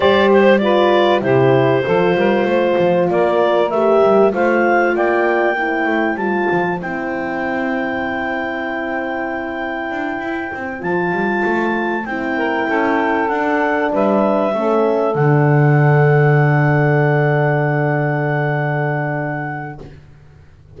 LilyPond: <<
  \new Staff \with { instrumentName = "clarinet" } { \time 4/4 \tempo 4 = 97 d''8 c''8 d''4 c''2~ | c''4 d''4 e''4 f''4 | g''2 a''4 g''4~ | g''1~ |
g''4. a''2 g''8~ | g''4. fis''4 e''4.~ | e''8 fis''2.~ fis''8~ | fis''1 | }
  \new Staff \with { instrumentName = "saxophone" } { \time 4/4 c''4 b'4 g'4 a'8 ais'8 | c''4 ais'2 c''4 | d''4 c''2.~ | c''1~ |
c''1 | ais'8 a'2 b'4 a'8~ | a'1~ | a'1 | }
  \new Staff \with { instrumentName = "horn" } { \time 4/4 g'4 f'4 e'4 f'4~ | f'2 g'4 f'4~ | f'4 e'4 f'4 e'4~ | e'1~ |
e'4. f'2 e'8~ | e'4. d'2 cis'8~ | cis'8 d'2.~ d'8~ | d'1 | }
  \new Staff \with { instrumentName = "double bass" } { \time 4/4 g2 c4 f8 g8 | a8 f8 ais4 a8 g8 a4 | ais4. a8 g8 f8 c'4~ | c'1 |
d'8 e'8 c'8 f8 g8 a4 c'8~ | c'8 cis'4 d'4 g4 a8~ | a8 d2.~ d8~ | d1 | }
>>